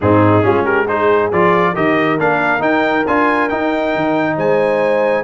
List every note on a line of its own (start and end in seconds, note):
0.00 0.43 G#2
0.00 0.42 C4
0.00 0.44 D#4
0.00 0.65 G#4
0.42 1.31 G#3
0.42 0.85 C#4
0.42 0.63 F4
0.63 0.85 G4
0.63 0.86 A#4
0.88 1.32 D#4
0.88 1.73 G#4
0.88 1.31 C5
1.32 1.76 F3
1.32 1.74 F4
1.32 1.75 D5
1.73 2.19 D#3
1.73 2.18 G4
1.73 4.36 A#4
1.73 2.19 D#5
2.19 2.60 A#3
2.19 2.59 D4
2.19 2.62 F5
2.59 3.03 D#4
2.59 3.04 D#4
2.59 3.05 G5
3.07 3.51 D4
3.07 3.50 F4
3.07 3.49 G#5
3.49 5.24 D#4
3.49 3.95 D#4
3.49 4.36 G5
3.95 4.37 D#3
4.36 5.24 G#3
4.36 5.24 C5
4.36 5.24 G#5